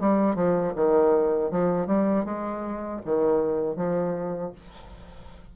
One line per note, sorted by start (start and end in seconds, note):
0.00 0.35 G3
0.35 0.73 F3
0.75 1.51 D#3
1.51 1.87 F3
1.87 2.25 G3
2.25 3.01 G#3
3.05 3.76 D#3
3.76 4.52 F3